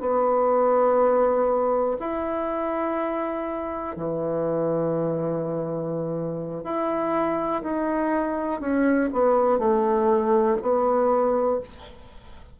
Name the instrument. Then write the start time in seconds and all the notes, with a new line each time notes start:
bassoon
0.00 B3
1.99 E4
3.96 E3
6.63 E4
7.62 D#4
8.60 C#4
9.13 B3
9.58 A3
10.61 B3